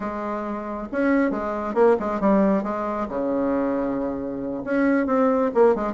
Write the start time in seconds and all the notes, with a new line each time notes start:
0.00 G#3
0.91 C#4
1.30 G#3
1.74 A#3
1.99 G#3
2.20 G3
2.63 G#3
3.08 C#3
4.64 C#4
5.06 C4
5.54 A#3
5.75 G#3